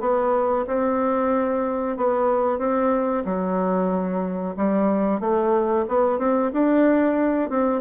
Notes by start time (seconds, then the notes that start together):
0.00 B3
0.67 C4
1.97 B3
2.58 C4
3.25 F#3
4.56 G3
5.20 A3
5.88 B3
6.18 C4
6.53 D4
7.49 C4